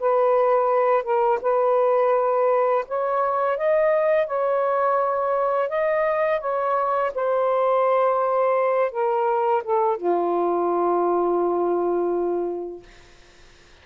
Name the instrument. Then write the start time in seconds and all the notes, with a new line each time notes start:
saxophone
0.00 B4
1.03 A#4
1.42 B4
2.88 C#5
3.57 D#5
4.27 C#5
5.69 D#5
6.40 C#5
7.14 C5
8.92 A#4
9.64 A4
9.97 F4